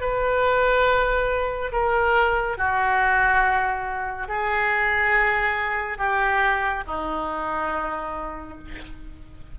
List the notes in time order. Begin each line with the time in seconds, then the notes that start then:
0.00 B4
1.72 A#4
2.57 F#4
4.28 G#4
5.98 G4
6.86 D#4